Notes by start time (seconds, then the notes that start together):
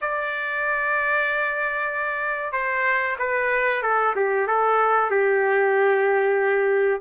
0.01 D5
2.52 C5
3.19 B4
3.82 A4
4.15 G4
4.47 A4
5.10 G4